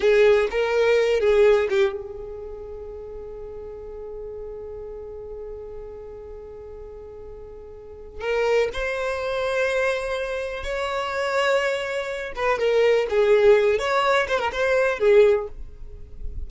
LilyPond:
\new Staff \with { instrumentName = "violin" } { \time 4/4 \tempo 4 = 124 gis'4 ais'4. gis'4 g'8 | gis'1~ | gis'1~ | gis'1~ |
gis'4 ais'4 c''2~ | c''2 cis''2~ | cis''4. b'8 ais'4 gis'4~ | gis'8 cis''4 c''16 ais'16 c''4 gis'4 | }